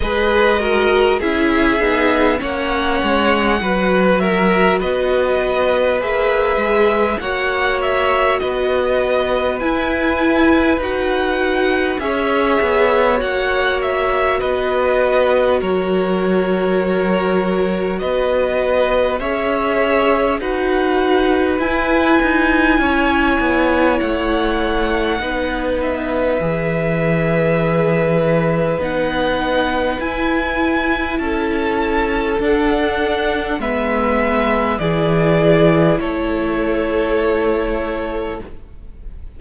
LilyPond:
<<
  \new Staff \with { instrumentName = "violin" } { \time 4/4 \tempo 4 = 50 dis''4 e''4 fis''4. e''8 | dis''4 e''4 fis''8 e''8 dis''4 | gis''4 fis''4 e''4 fis''8 e''8 | dis''4 cis''2 dis''4 |
e''4 fis''4 gis''2 | fis''4. e''2~ e''8 | fis''4 gis''4 a''4 fis''4 | e''4 d''4 cis''2 | }
  \new Staff \with { instrumentName = "violin" } { \time 4/4 b'8 ais'8 gis'4 cis''4 b'8 ais'8 | b'2 cis''4 b'4~ | b'2 cis''2 | b'4 ais'2 b'4 |
cis''4 b'2 cis''4~ | cis''4 b'2.~ | b'2 a'2 | b'4 gis'4 a'2 | }
  \new Staff \with { instrumentName = "viola" } { \time 4/4 gis'8 fis'8 e'8 dis'8 cis'4 fis'4~ | fis'4 gis'4 fis'2 | e'4 fis'4 gis'4 fis'4~ | fis'1 |
gis'4 fis'4 e'2~ | e'4 dis'4 gis'2 | dis'4 e'2 d'4 | b4 e'2. | }
  \new Staff \with { instrumentName = "cello" } { \time 4/4 gis4 cis'8 b8 ais8 gis8 fis4 | b4 ais8 gis8 ais4 b4 | e'4 dis'4 cis'8 b8 ais4 | b4 fis2 b4 |
cis'4 dis'4 e'8 dis'8 cis'8 b8 | a4 b4 e2 | b4 e'4 cis'4 d'4 | gis4 e4 a2 | }
>>